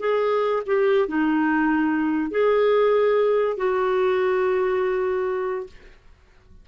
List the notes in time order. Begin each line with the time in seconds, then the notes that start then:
0.00 G#4
0.66 G4
1.08 D#4
2.31 G#4
3.57 F#4